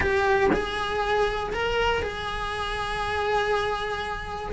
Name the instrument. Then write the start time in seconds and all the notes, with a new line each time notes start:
cello
0.00 G4
0.52 G#4
1.53 A#4
2.02 G#4